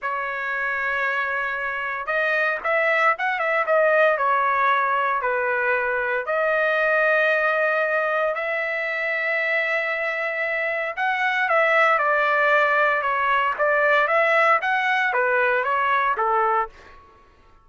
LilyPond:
\new Staff \with { instrumentName = "trumpet" } { \time 4/4 \tempo 4 = 115 cis''1 | dis''4 e''4 fis''8 e''8 dis''4 | cis''2 b'2 | dis''1 |
e''1~ | e''4 fis''4 e''4 d''4~ | d''4 cis''4 d''4 e''4 | fis''4 b'4 cis''4 a'4 | }